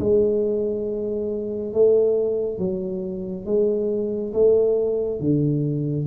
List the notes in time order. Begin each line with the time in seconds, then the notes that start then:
0.00 G#3
1.74 A3
2.59 F#3
3.46 G#3
4.34 A3
5.20 D3